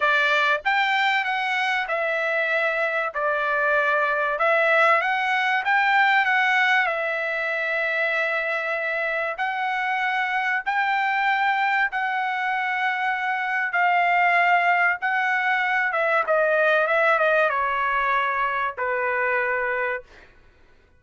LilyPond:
\new Staff \with { instrumentName = "trumpet" } { \time 4/4 \tempo 4 = 96 d''4 g''4 fis''4 e''4~ | e''4 d''2 e''4 | fis''4 g''4 fis''4 e''4~ | e''2. fis''4~ |
fis''4 g''2 fis''4~ | fis''2 f''2 | fis''4. e''8 dis''4 e''8 dis''8 | cis''2 b'2 | }